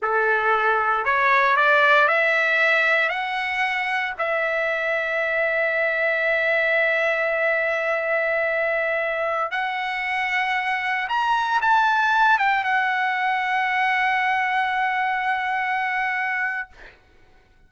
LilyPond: \new Staff \with { instrumentName = "trumpet" } { \time 4/4 \tempo 4 = 115 a'2 cis''4 d''4 | e''2 fis''2 | e''1~ | e''1~ |
e''2~ e''16 fis''4.~ fis''16~ | fis''4~ fis''16 ais''4 a''4. g''16~ | g''16 fis''2.~ fis''8.~ | fis''1 | }